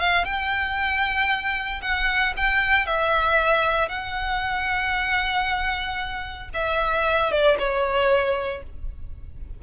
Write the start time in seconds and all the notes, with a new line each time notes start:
0.00 F5
0.24 G5
1.81 F#5
2.36 G5
2.86 E5
3.89 F#5
6.54 E5
7.31 D5
7.58 C#5